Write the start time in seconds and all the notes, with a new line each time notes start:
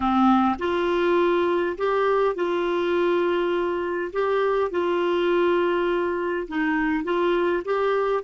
0.00 C4
0.58 F4
1.77 G4
2.35 F4
4.12 G4
4.71 F4
6.48 D#4
7.04 F4
7.65 G4